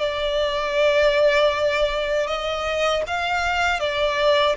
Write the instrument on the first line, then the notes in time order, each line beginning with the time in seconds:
violin
0.00 D5
2.27 D#5
3.07 F5
3.80 D5